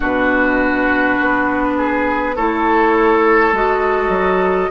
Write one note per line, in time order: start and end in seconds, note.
0.00 1.17 B2
0.00 2.35 D4
0.00 1.73 F#4
0.00 2.36 B4
1.20 2.37 B3
1.77 2.35 G#4
2.35 3.52 A3
2.35 3.53 E4
2.35 4.70 A4
2.35 3.54 C#5
3.52 4.09 G#3
3.52 4.70 F#4
3.52 4.70 D#5
4.09 4.67 F#3